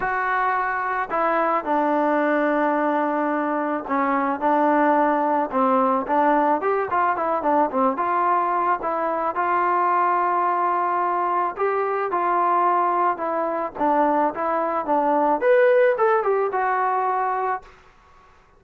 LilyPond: \new Staff \with { instrumentName = "trombone" } { \time 4/4 \tempo 4 = 109 fis'2 e'4 d'4~ | d'2. cis'4 | d'2 c'4 d'4 | g'8 f'8 e'8 d'8 c'8 f'4. |
e'4 f'2.~ | f'4 g'4 f'2 | e'4 d'4 e'4 d'4 | b'4 a'8 g'8 fis'2 | }